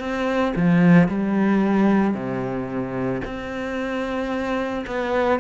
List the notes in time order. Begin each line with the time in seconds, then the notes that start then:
0.00 C4
0.56 F3
1.09 G3
2.15 C3
3.25 C4
4.87 B3